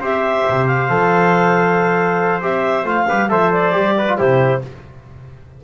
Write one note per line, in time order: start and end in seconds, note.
0.00 0.44 C4
0.00 0.89 G4
0.00 3.07 C5
0.00 0.66 E5
0.48 0.90 C3
0.66 2.42 F5
0.89 2.42 F3
0.89 2.41 A4
2.41 2.84 C4
2.41 2.85 G4
2.41 2.87 E5
2.84 3.06 A3
2.84 3.07 F4
2.84 3.29 F5
3.08 3.31 G3
3.08 3.29 G4
3.08 3.30 B4
3.29 3.75 F3
3.29 3.72 A4
3.29 3.96 C5
3.29 3.51 E5
3.52 4.18 D5
3.72 4.19 G3
3.72 4.05 G4
3.98 4.18 B4
4.08 4.18 F4
4.18 4.64 C3
4.18 4.61 E4
4.18 4.62 G4
4.18 4.62 C5